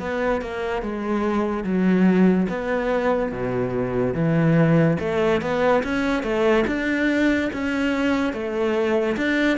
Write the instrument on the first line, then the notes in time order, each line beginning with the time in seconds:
cello
0.00 B3
0.42 A#3
0.83 G#3
1.64 F#3
2.49 B3
3.32 B2
4.14 E3
5.00 A3
5.42 B3
5.84 C#4
6.23 A3
6.67 D4
7.53 C#4
8.33 A3
9.17 D4